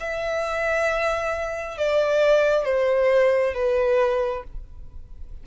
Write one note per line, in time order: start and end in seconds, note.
0.00 1.77 E5
1.77 2.65 D5
2.65 3.54 C5
3.54 4.44 B4